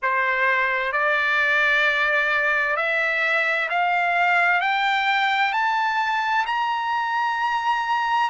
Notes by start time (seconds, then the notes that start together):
0.02 C5
0.92 D5
2.76 E5
3.69 F5
4.60 G5
5.52 A5
6.46 A#5